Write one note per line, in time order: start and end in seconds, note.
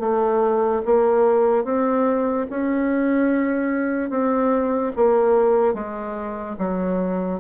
0.00 0.82 A3
0.86 1.65 A#3
1.65 2.47 C4
2.51 4.10 C#4
4.10 4.92 C4
4.96 5.74 A#3
5.74 6.56 G#3
6.59 7.40 F#3